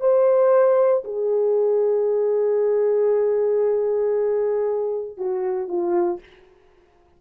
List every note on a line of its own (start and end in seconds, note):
0.00 1.03 C5
1.04 5.18 G#4
5.18 5.68 F#4
5.68 6.20 F4